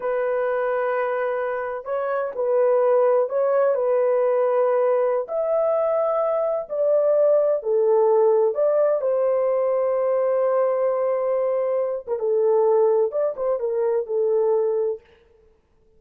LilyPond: \new Staff \with { instrumentName = "horn" } { \time 4/4 \tempo 4 = 128 b'1 | cis''4 b'2 cis''4 | b'2.~ b'16 e''8.~ | e''2~ e''16 d''4.~ d''16~ |
d''16 a'2 d''4 c''8.~ | c''1~ | c''4.~ c''16 ais'16 a'2 | d''8 c''8 ais'4 a'2 | }